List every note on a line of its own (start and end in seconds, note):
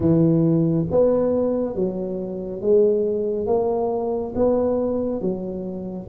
0.00 0.85 E3
0.90 1.75 B3
1.75 2.61 F#3
2.61 3.46 G#3
3.46 4.33 A#3
4.35 5.21 B3
5.21 6.08 F#3